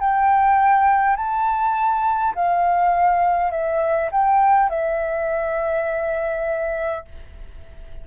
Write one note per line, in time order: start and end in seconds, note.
0.00 1.17 G5
1.17 2.34 A5
2.35 3.51 F5
3.51 4.10 E5
4.12 4.70 G5
4.70 7.05 E5